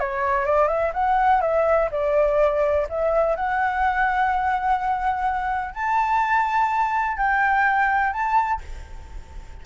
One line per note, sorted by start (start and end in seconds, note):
0.00 0.45 C#5
0.45 0.69 D5
0.69 0.93 E5
0.94 1.42 F#5
1.42 1.90 E5
1.91 2.87 D5
2.89 3.36 E5
3.36 5.74 F#5
5.74 7.17 A5
7.17 8.13 G5
8.13 8.61 A5